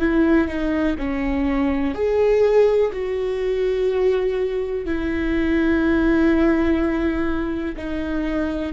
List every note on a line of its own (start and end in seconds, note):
0.00 0.48 E4
0.48 0.96 D#4
0.98 1.94 C#4
1.94 2.91 G#4
2.92 4.85 F#4
4.85 7.76 E4
7.76 8.73 D#4